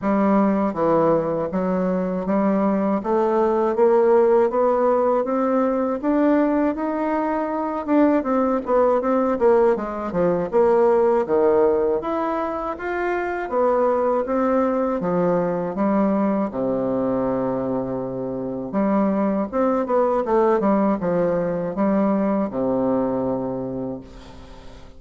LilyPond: \new Staff \with { instrumentName = "bassoon" } { \time 4/4 \tempo 4 = 80 g4 e4 fis4 g4 | a4 ais4 b4 c'4 | d'4 dis'4. d'8 c'8 b8 | c'8 ais8 gis8 f8 ais4 dis4 |
e'4 f'4 b4 c'4 | f4 g4 c2~ | c4 g4 c'8 b8 a8 g8 | f4 g4 c2 | }